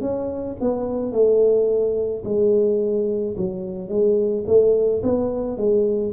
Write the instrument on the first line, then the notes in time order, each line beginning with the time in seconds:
tuba
0.00 C#4
0.60 B3
1.12 A3
2.24 G#3
3.36 F#3
3.88 G#3
4.46 A3
5.02 B3
5.57 G#3